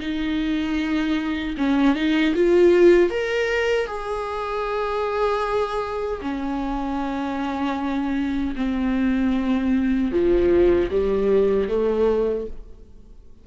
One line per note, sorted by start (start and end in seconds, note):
0.00 1.56 D#4
1.58 1.96 C#4
1.96 2.34 D#4
2.35 3.10 F4
3.10 3.87 A#4
3.87 6.21 G#4
6.22 8.55 C#4
8.56 10.12 C4
10.12 10.90 F3
10.91 11.69 G3
11.69 12.47 A3